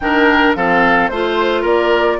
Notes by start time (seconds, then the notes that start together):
0.00 D#3 D4 A#4 G5
0.55 F3 C4 A4 F5
1.08 A3 F4 C5
1.61 A#3 A#4 D5